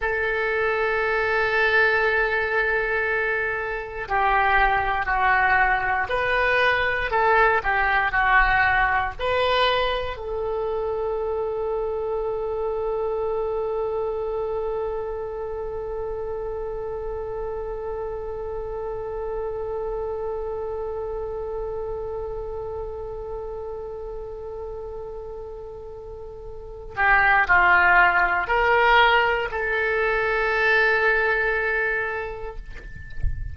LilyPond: \new Staff \with { instrumentName = "oboe" } { \time 4/4 \tempo 4 = 59 a'1 | g'4 fis'4 b'4 a'8 g'8 | fis'4 b'4 a'2~ | a'1~ |
a'1~ | a'1~ | a'2~ a'8 g'8 f'4 | ais'4 a'2. | }